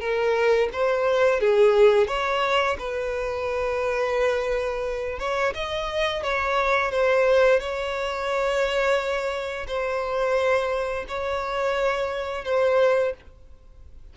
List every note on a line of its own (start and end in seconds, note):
0.00 0.69 A#4
0.72 1.40 C5
1.40 2.08 G#4
2.08 2.76 C#5
2.78 5.19 B4
5.19 5.54 C#5
5.54 6.23 D#5
6.23 6.92 C#5
6.92 7.60 C5
7.60 9.67 C#5
9.67 11.05 C5
11.08 12.45 C#5
12.45 13.13 C5